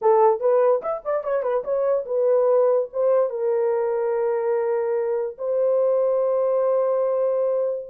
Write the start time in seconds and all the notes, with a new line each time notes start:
0.01 A4
0.40 B4
0.81 E5
1.05 D5
1.23 C#5
1.42 B4
1.63 C#5
2.05 B4
2.93 C5
3.30 A#4
5.38 C5